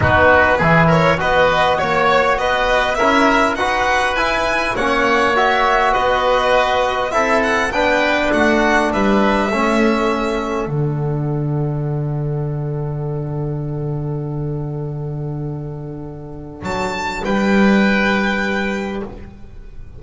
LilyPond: <<
  \new Staff \with { instrumentName = "violin" } { \time 4/4 \tempo 4 = 101 b'4. cis''8 dis''4 cis''4 | dis''4 e''4 fis''4 gis''4 | fis''4 e''4 dis''2 | e''8 fis''8 g''4 fis''4 e''4~ |
e''2 fis''2~ | fis''1~ | fis''1 | a''4 g''2. | }
  \new Staff \with { instrumentName = "oboe" } { \time 4/4 fis'4 gis'8 ais'8 b'4 cis''4 | b'4 ais'4 b'2 | cis''2 b'2 | a'4 b'4 fis'4 b'4 |
a'1~ | a'1~ | a'1~ | a'4 b'2. | }
  \new Staff \with { instrumentName = "trombone" } { \time 4/4 dis'4 e'4 fis'2~ | fis'4 e'4 fis'4 e'4 | cis'4 fis'2. | e'4 d'2. |
cis'2 d'2~ | d'1~ | d'1~ | d'1 | }
  \new Staff \with { instrumentName = "double bass" } { \time 4/4 b4 e4 b4 ais4 | b4 cis'4 dis'4 e'4 | ais2 b2 | c'4 b4 a4 g4 |
a2 d2~ | d1~ | d1 | fis4 g2. | }
>>